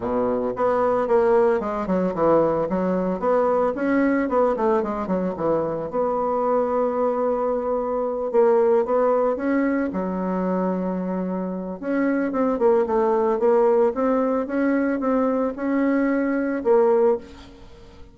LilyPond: \new Staff \with { instrumentName = "bassoon" } { \time 4/4 \tempo 4 = 112 b,4 b4 ais4 gis8 fis8 | e4 fis4 b4 cis'4 | b8 a8 gis8 fis8 e4 b4~ | b2.~ b8 ais8~ |
ais8 b4 cis'4 fis4.~ | fis2 cis'4 c'8 ais8 | a4 ais4 c'4 cis'4 | c'4 cis'2 ais4 | }